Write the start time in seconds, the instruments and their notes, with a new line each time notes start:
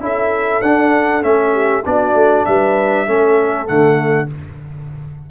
0.00 tuba C#4, trombone E4, horn A4, trumpet E5
0.61 tuba D4, trombone D4, trumpet F#5
1.22 tuba A3, trombone C#4, trumpet E5
1.52 horn G4
1.85 tuba B3, trombone D4, horn F#4, trumpet D5
2.14 tuba A3
2.45 tuba G3, horn B4, trumpet E5
3.07 tuba A3, trombone C#4, horn A4
3.66 tuba D3, trombone A3, trumpet F#5